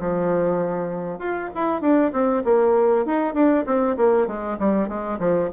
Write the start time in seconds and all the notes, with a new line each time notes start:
0.00 F3
1.19 F4
1.55 E4
1.81 D4
2.13 C4
2.44 A#3
3.06 D#4
3.34 D4
3.66 C4
3.97 A#3
4.27 G#3
4.59 G3
4.88 G#3
5.19 F3